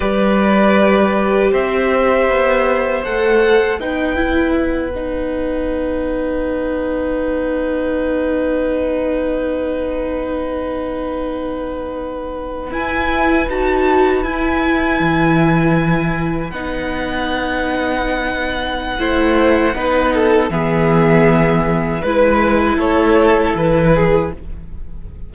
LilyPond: <<
  \new Staff \with { instrumentName = "violin" } { \time 4/4 \tempo 4 = 79 d''2 e''2 | fis''4 g''4 fis''2~ | fis''1~ | fis''1~ |
fis''8. gis''4 a''4 gis''4~ gis''16~ | gis''4.~ gis''16 fis''2~ fis''16~ | fis''2. e''4~ | e''4 b'4 cis''4 b'4 | }
  \new Staff \with { instrumentName = "violin" } { \time 4/4 b'2 c''2~ | c''4 b'2.~ | b'1~ | b'1~ |
b'1~ | b'1~ | b'4 c''4 b'8 a'8 gis'4~ | gis'4 b'4 a'4. gis'8 | }
  \new Staff \with { instrumentName = "viola" } { \time 4/4 g'1 | a'4 dis'8 e'4 dis'4.~ | dis'1~ | dis'1~ |
dis'8. e'4 fis'4 e'4~ e'16~ | e'4.~ e'16 dis'2~ dis'16~ | dis'4 e'4 dis'4 b4~ | b4 e'2. | }
  \new Staff \with { instrumentName = "cello" } { \time 4/4 g2 c'4 b4 | a4 b2.~ | b1~ | b1~ |
b8. e'4 dis'4 e'4 e16~ | e4.~ e16 b2~ b16~ | b4 a4 b4 e4~ | e4 gis4 a4 e4 | }
>>